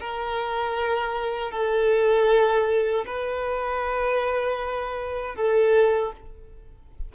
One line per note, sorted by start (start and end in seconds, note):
0.00 1.51 A#4
1.51 3.05 A4
3.06 5.35 B4
5.35 6.12 A4